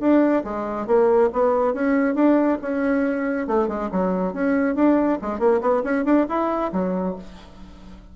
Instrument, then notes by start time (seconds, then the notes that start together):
bassoon
0.00 D4
0.44 G#3
0.87 A#3
1.33 B3
1.73 C#4
2.15 D4
2.62 C#4
3.47 A3
3.68 G#3
3.92 F#3
4.33 C#4
4.75 D4
5.22 G#3
5.39 A#3
5.61 B3
5.83 C#4
6.05 D4
6.28 E4
6.72 F#3